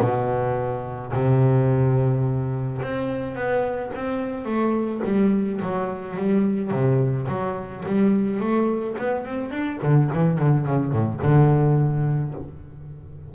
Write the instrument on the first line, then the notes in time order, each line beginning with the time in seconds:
double bass
0.00 B2
1.13 C3
2.82 C4
3.35 B3
3.95 C4
4.45 A3
5.04 G3
5.62 F#3
6.16 G3
6.71 C3
7.28 F#3
7.85 G3
8.40 A3
8.98 B3
9.25 C4
9.51 D4
9.82 D3
10.13 E3
10.38 D3
10.66 C#3
10.92 A2
11.22 D3